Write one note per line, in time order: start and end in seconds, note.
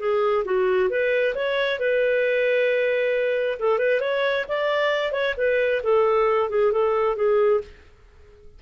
0.00 0.45 G#4
0.45 0.90 F#4
0.90 1.35 B4
1.35 1.79 C#5
1.79 3.58 B4
3.59 3.79 A4
3.79 4.01 B4
4.01 4.45 C#5
4.49 5.12 D5
5.12 5.35 C#5
5.38 5.82 B4
5.83 6.50 A4
6.50 6.72 G#4
6.72 7.16 A4
7.16 7.61 G#4